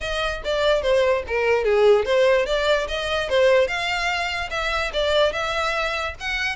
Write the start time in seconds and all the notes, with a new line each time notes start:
0.01 D#5
0.44 D5
0.82 C5
1.27 A#4
1.64 G#4
2.05 C5
2.46 D5
2.88 D#5
3.29 C5
3.67 F5
4.50 E5
4.93 D5
5.32 E5
6.20 F#5